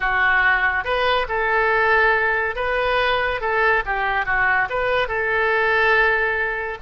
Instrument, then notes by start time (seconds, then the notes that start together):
oboe
0.00 F#4
0.84 B4
1.28 A4
2.55 B4
3.40 A4
3.85 G4
4.25 F#4
4.69 B4
5.08 A4